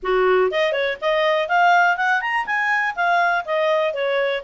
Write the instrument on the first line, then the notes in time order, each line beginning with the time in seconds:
clarinet
0.02 F#4
0.51 D#5
0.72 C#5
1.01 D#5
1.48 F5
1.96 F#5
2.21 A#5
2.46 G#5
2.95 F5
3.45 D#5
3.93 C#5